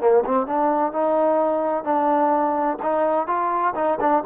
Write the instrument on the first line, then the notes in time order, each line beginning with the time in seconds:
trombone
0.00 A#3
0.25 C4
0.46 D4
0.92 D#4
1.84 D4
2.82 D#4
3.27 F4
3.75 D#4
4.00 D4